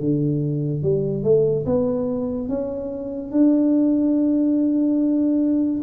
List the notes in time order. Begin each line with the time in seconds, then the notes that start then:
0.00 D3
0.83 G3
1.23 A3
1.66 B3
2.49 C#4
3.31 D4